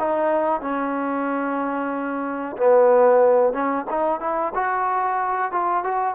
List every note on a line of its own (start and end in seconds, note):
0.00 0.61 D#4
0.61 2.57 C#4
2.58 3.53 B3
3.53 3.86 C#4
3.91 4.21 D#4
4.21 4.53 E4
4.55 5.52 F#4
5.52 5.84 F4
5.84 6.15 F#4